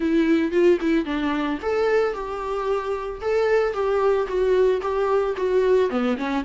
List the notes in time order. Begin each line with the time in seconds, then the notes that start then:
0.00 E4
0.51 F4
0.80 E4
1.05 D4
1.62 A4
2.13 G4
3.21 A4
3.73 G4
4.27 F#4
4.81 G4
5.36 F#4
5.90 B3
6.17 C#4